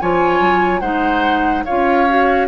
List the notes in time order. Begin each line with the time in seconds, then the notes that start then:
0.00 F3 F4 C#5 G#5
0.41 F#3
0.80 G#3 D#4 C5 F#5
1.65 C#4 F4 C#5 F5
2.09 F#4